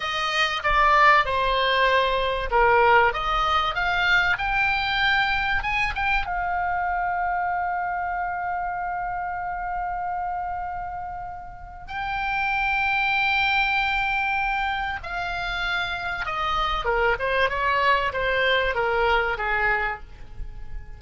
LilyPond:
\new Staff \with { instrumentName = "oboe" } { \time 4/4 \tempo 4 = 96 dis''4 d''4 c''2 | ais'4 dis''4 f''4 g''4~ | g''4 gis''8 g''8 f''2~ | f''1~ |
f''2. g''4~ | g''1 | f''2 dis''4 ais'8 c''8 | cis''4 c''4 ais'4 gis'4 | }